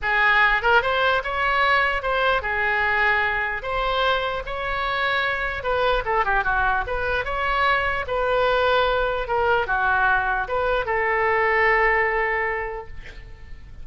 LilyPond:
\new Staff \with { instrumentName = "oboe" } { \time 4/4 \tempo 4 = 149 gis'4. ais'8 c''4 cis''4~ | cis''4 c''4 gis'2~ | gis'4 c''2 cis''4~ | cis''2 b'4 a'8 g'8 |
fis'4 b'4 cis''2 | b'2. ais'4 | fis'2 b'4 a'4~ | a'1 | }